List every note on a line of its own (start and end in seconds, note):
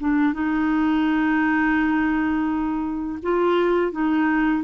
0.00 0.33 D4
0.33 3.19 D#4
3.23 3.92 F4
3.92 4.63 D#4